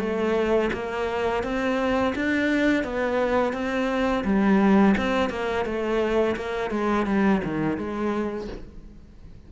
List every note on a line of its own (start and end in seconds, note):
0.00 0.71 A3
0.73 1.44 A#3
1.44 2.14 C4
2.16 2.84 D4
2.84 3.54 B3
3.54 4.24 C4
4.25 4.95 G3
4.98 5.30 C4
5.30 5.66 A#3
5.66 6.36 A3
6.37 6.71 A#3
6.71 7.07 G#3
7.07 7.42 G3
7.45 7.78 D#3
7.78 8.48 G#3